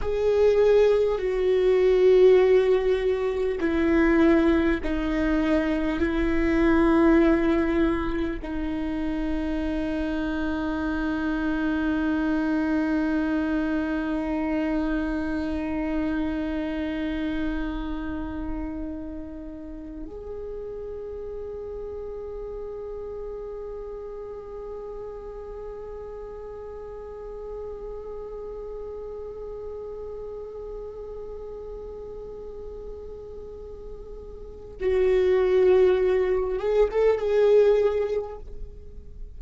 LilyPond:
\new Staff \with { instrumentName = "viola" } { \time 4/4 \tempo 4 = 50 gis'4 fis'2 e'4 | dis'4 e'2 dis'4~ | dis'1~ | dis'1~ |
dis'8. gis'2.~ gis'16~ | gis'1~ | gis'1~ | gis'4 fis'4. gis'16 a'16 gis'4 | }